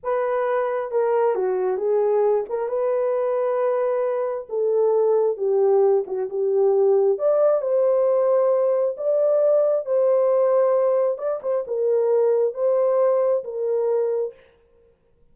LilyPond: \new Staff \with { instrumentName = "horn" } { \time 4/4 \tempo 4 = 134 b'2 ais'4 fis'4 | gis'4. ais'8 b'2~ | b'2 a'2 | g'4. fis'8 g'2 |
d''4 c''2. | d''2 c''2~ | c''4 d''8 c''8 ais'2 | c''2 ais'2 | }